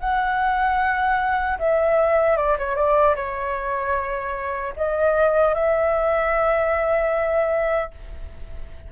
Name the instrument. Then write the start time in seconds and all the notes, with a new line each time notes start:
flute
0.00 F#5
1.59 E5
2.37 D5
2.59 C#5
2.76 D5
3.16 C#5
4.77 D#5
5.55 E5